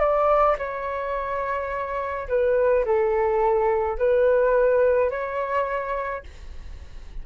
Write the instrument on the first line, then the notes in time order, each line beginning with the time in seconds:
flute
0.00 D5
0.58 C#5
2.28 B4
2.85 A4
3.98 B4
5.10 C#5